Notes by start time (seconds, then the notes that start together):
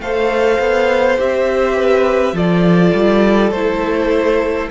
0.00 A3 A4 C5 F5
0.59 B3
1.18 C4 G4 E5
1.76 B4
2.33 F3 F4 A4 D5
2.94 G3
3.51 A3 E4 C5